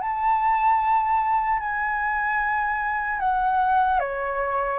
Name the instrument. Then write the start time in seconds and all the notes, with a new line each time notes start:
flute
0.00 A5
1.59 G#5
3.19 F#5
3.99 C#5